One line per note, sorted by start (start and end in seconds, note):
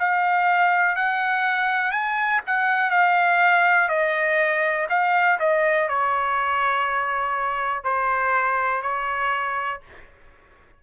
0.00 0.96 F5
0.96 1.92 F#5
1.92 2.41 G#5
2.47 2.91 F#5
2.91 3.89 F5
3.89 4.87 D#5
4.90 5.39 F5
5.40 5.89 D#5
5.89 7.84 C#5
7.84 8.83 C5
8.83 9.81 C#5